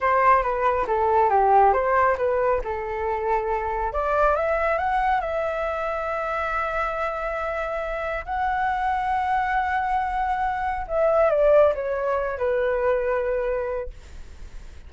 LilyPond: \new Staff \with { instrumentName = "flute" } { \time 4/4 \tempo 4 = 138 c''4 b'4 a'4 g'4 | c''4 b'4 a'2~ | a'4 d''4 e''4 fis''4 | e''1~ |
e''2. fis''4~ | fis''1~ | fis''4 e''4 d''4 cis''4~ | cis''8 b'2.~ b'8 | }